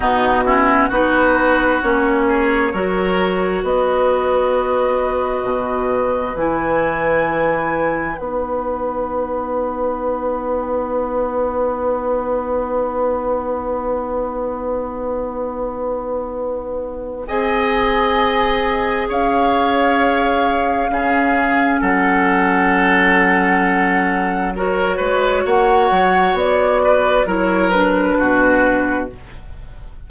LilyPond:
<<
  \new Staff \with { instrumentName = "flute" } { \time 4/4 \tempo 4 = 66 fis'4 b'4 cis''2 | dis''2. gis''4~ | gis''4 fis''2.~ | fis''1~ |
fis''2. gis''4~ | gis''4 f''2. | fis''2. cis''4 | fis''4 d''4 cis''8 b'4. | }
  \new Staff \with { instrumentName = "oboe" } { \time 4/4 dis'8 e'8 fis'4. gis'8 ais'4 | b'1~ | b'1~ | b'1~ |
b'2. dis''4~ | dis''4 cis''2 gis'4 | a'2. ais'8 b'8 | cis''4. b'8 ais'4 fis'4 | }
  \new Staff \with { instrumentName = "clarinet" } { \time 4/4 b8 cis'8 dis'4 cis'4 fis'4~ | fis'2. e'4~ | e'4 dis'2.~ | dis'1~ |
dis'2. gis'4~ | gis'2. cis'4~ | cis'2. fis'4~ | fis'2 e'8 d'4. | }
  \new Staff \with { instrumentName = "bassoon" } { \time 4/4 b,4 b4 ais4 fis4 | b2 b,4 e4~ | e4 b2.~ | b1~ |
b2. c'4~ | c'4 cis'2 cis4 | fis2.~ fis8 gis8 | ais8 fis8 b4 fis4 b,4 | }
>>